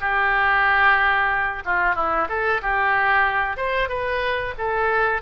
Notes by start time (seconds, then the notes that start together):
0.00 G4
1.65 F4
1.95 E4
2.29 A4
2.62 G4
3.57 C5
3.89 B4
4.58 A4